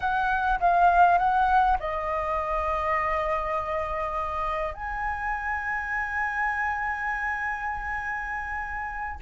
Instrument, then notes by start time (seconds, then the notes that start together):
flute
0.00 F#5
0.60 F5
1.18 F#5
1.79 D#5
4.74 G#5